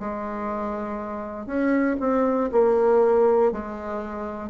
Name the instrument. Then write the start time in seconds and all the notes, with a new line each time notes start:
bassoon
0.00 G#3
1.46 C#4
2.00 C4
2.52 A#3
3.52 G#3